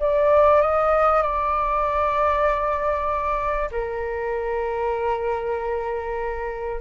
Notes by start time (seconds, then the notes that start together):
0.00 D5
0.62 D#5
1.23 D5
3.72 A#4